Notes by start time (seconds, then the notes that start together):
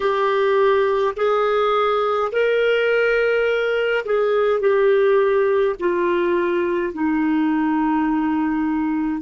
0.00 G4
1.16 G#4
2.31 A#4
4.05 G#4
4.60 G4
5.80 F4
6.93 D#4